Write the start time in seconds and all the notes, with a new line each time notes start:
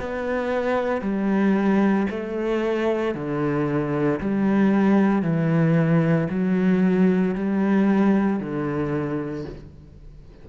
0.00 B3
1.01 G3
2.11 A3
3.15 D3
4.20 G3
5.22 E3
6.30 F#3
7.35 G3
8.40 D3